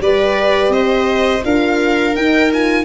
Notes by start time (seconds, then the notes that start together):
0.00 G3 G4 B4 D5
0.69 C4 C5 D#5
1.43 D4 F4 A#4 F5
2.16 D#4 G5
2.53 F4 G#5